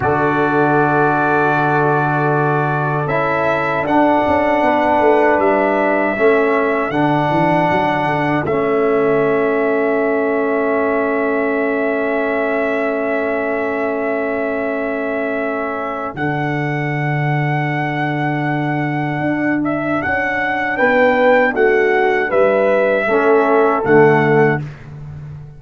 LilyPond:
<<
  \new Staff \with { instrumentName = "trumpet" } { \time 4/4 \tempo 4 = 78 d''1 | e''4 fis''2 e''4~ | e''4 fis''2 e''4~ | e''1~ |
e''1~ | e''4 fis''2.~ | fis''4. e''8 fis''4 g''4 | fis''4 e''2 fis''4 | }
  \new Staff \with { instrumentName = "horn" } { \time 4/4 a'1~ | a'2 b'2 | a'1~ | a'1~ |
a'1~ | a'1~ | a'2. b'4 | fis'4 b'4 a'2 | }
  \new Staff \with { instrumentName = "trombone" } { \time 4/4 fis'1 | e'4 d'2. | cis'4 d'2 cis'4~ | cis'1~ |
cis'1~ | cis'4 d'2.~ | d'1~ | d'2 cis'4 a4 | }
  \new Staff \with { instrumentName = "tuba" } { \time 4/4 d1 | cis'4 d'8 cis'8 b8 a8 g4 | a4 d8 e8 fis8 d8 a4~ | a1~ |
a1~ | a4 d2.~ | d4 d'4 cis'4 b4 | a4 g4 a4 d4 | }
>>